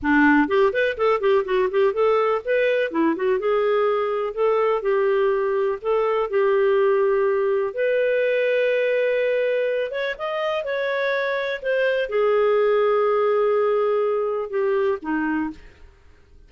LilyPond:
\new Staff \with { instrumentName = "clarinet" } { \time 4/4 \tempo 4 = 124 d'4 g'8 b'8 a'8 g'8 fis'8 g'8 | a'4 b'4 e'8 fis'8 gis'4~ | gis'4 a'4 g'2 | a'4 g'2. |
b'1~ | b'8 cis''8 dis''4 cis''2 | c''4 gis'2.~ | gis'2 g'4 dis'4 | }